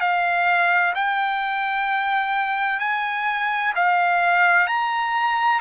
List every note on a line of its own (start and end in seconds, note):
0.00 0.94 F5
0.95 2.80 G5
2.80 3.73 G#5
3.75 4.67 F5
4.67 5.61 A#5